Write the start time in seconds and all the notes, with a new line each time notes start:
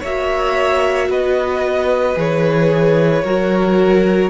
0.00 A#3 F#4 C#5 E5
1.08 B3 B4 D#5
2.15 E3 G#4 C#5
3.23 F#3 F#4 A#4